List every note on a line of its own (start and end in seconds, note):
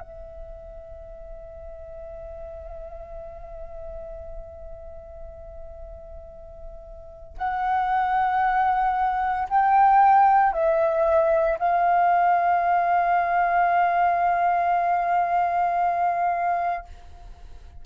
0.00 7.37 E5
7.37 9.48 F#5
9.49 10.53 G5
10.53 11.58 E5
11.58 16.85 F5